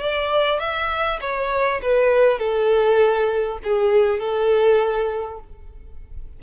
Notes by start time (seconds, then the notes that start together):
0.00 D5
0.59 E5
1.20 C#5
1.82 B4
2.38 A4
3.63 G#4
4.19 A4